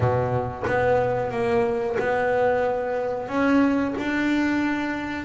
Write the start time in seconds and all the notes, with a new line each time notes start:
0.00 B2
0.66 B3
1.31 A#3
1.99 B3
3.28 C#4
3.98 D4